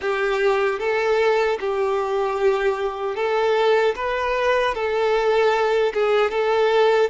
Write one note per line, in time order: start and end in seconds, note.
0.01 0.79 G4
0.79 1.58 A4
1.60 3.15 G4
3.15 3.94 A4
3.95 4.74 B4
4.74 5.92 A4
5.93 6.31 G#4
6.31 7.09 A4